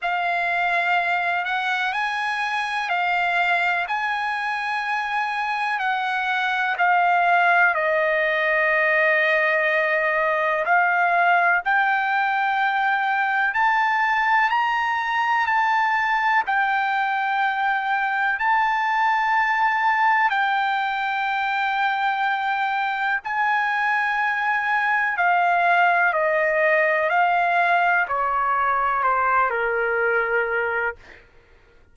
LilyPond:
\new Staff \with { instrumentName = "trumpet" } { \time 4/4 \tempo 4 = 62 f''4. fis''8 gis''4 f''4 | gis''2 fis''4 f''4 | dis''2. f''4 | g''2 a''4 ais''4 |
a''4 g''2 a''4~ | a''4 g''2. | gis''2 f''4 dis''4 | f''4 cis''4 c''8 ais'4. | }